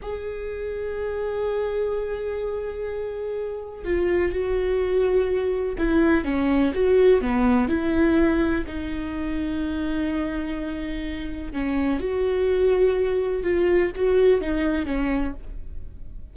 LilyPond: \new Staff \with { instrumentName = "viola" } { \time 4/4 \tempo 4 = 125 gis'1~ | gis'1 | f'4 fis'2. | e'4 cis'4 fis'4 b4 |
e'2 dis'2~ | dis'1 | cis'4 fis'2. | f'4 fis'4 dis'4 cis'4 | }